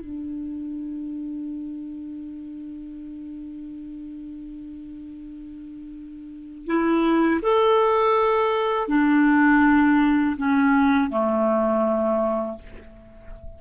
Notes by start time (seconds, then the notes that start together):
0.00 D4
6.66 E4
7.42 A4
8.88 D4
10.37 C#4
11.10 A3